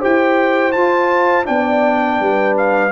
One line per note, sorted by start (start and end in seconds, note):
0.00 0.76 E4
0.00 0.74 G4
0.00 1.46 C5
0.00 0.72 G5
0.72 1.45 F4
0.72 1.49 F4
0.72 1.46 A5
1.45 2.20 B3
1.45 2.91 D4
1.45 2.21 D5
1.45 2.56 G5
2.20 2.92 G3
2.20 2.92 B4
2.57 2.92 F5